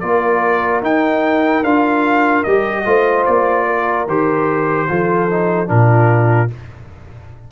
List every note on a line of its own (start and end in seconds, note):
0.00 0.82 A#3
0.00 0.83 F4
0.00 2.86 A#4
0.00 0.81 D5
0.82 1.63 D#4
0.82 1.64 D#4
0.82 1.64 G5
1.64 2.45 D4
1.64 2.46 F4
1.64 2.44 F5
2.44 2.86 G3
2.44 2.86 G4
2.44 3.25 D#5
2.86 3.26 A3
2.86 4.07 F4
2.86 3.67 C5
3.26 4.07 A#3
3.26 4.07 D5
3.67 4.88 A#4
4.07 4.89 D#3
4.07 4.89 G4
4.07 5.69 C5
4.89 5.70 F3
4.89 5.29 F4
4.89 5.70 A4
5.29 5.67 D#4
5.67 6.51 A#2
5.67 6.48 D4
5.67 6.52 F4
5.67 6.51 A#4